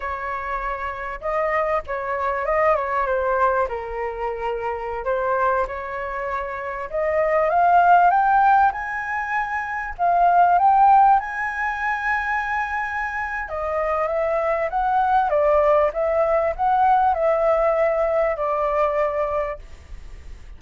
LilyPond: \new Staff \with { instrumentName = "flute" } { \time 4/4 \tempo 4 = 98 cis''2 dis''4 cis''4 | dis''8 cis''8 c''4 ais'2~ | ais'16 c''4 cis''2 dis''8.~ | dis''16 f''4 g''4 gis''4.~ gis''16~ |
gis''16 f''4 g''4 gis''4.~ gis''16~ | gis''2 dis''4 e''4 | fis''4 d''4 e''4 fis''4 | e''2 d''2 | }